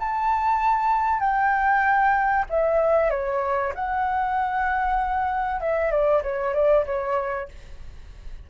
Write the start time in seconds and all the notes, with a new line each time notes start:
0.00 A5
1.20 G5
2.50 E5
3.10 C#5
3.75 F#5
5.61 E5
5.91 D5
6.23 C#5
6.54 D5
6.86 C#5